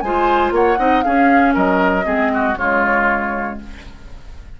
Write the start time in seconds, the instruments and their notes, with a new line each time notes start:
0.00 bassoon G#3, clarinet F4, oboe C5, flute G#5
0.51 bassoon A#3, oboe C#5, flute F#5
0.77 bassoon C4, clarinet D#4, oboe D#5
1.02 clarinet C#4, bassoon C#4, oboe G#4, flute F5
1.54 bassoon F#3, oboe A#4, flute D#5
2.03 bassoon G#3, clarinet C4, oboe G#4
2.33 oboe F#4
2.56 bassoon C#3, clarinet G#3, oboe F4, flute C#5